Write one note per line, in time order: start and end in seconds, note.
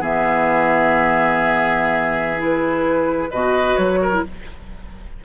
0.00 3.30 E3
0.00 2.37 B3
0.00 3.30 G#4
0.00 2.42 E5
2.37 3.28 E4
2.43 3.31 B4
3.31 3.77 B2
3.31 4.12 F#4
3.31 3.99 B4
3.31 3.76 D#5
3.76 4.23 F#3
3.76 4.22 C#5
4.01 4.24 A#4
4.12 4.23 E4